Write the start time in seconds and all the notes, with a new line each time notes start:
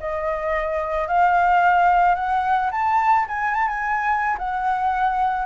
0.00 D#5
1.08 F5
2.15 F#5
2.71 A5
3.28 G#5
3.54 A5
3.68 G#5
4.38 F#5